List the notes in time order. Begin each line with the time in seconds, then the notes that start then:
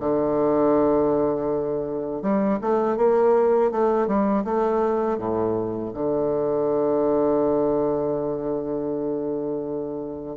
0.00 D3
2.22 G3
2.61 A3
2.97 A#3
3.71 A3
4.07 G3
4.45 A3
5.19 A2
5.94 D3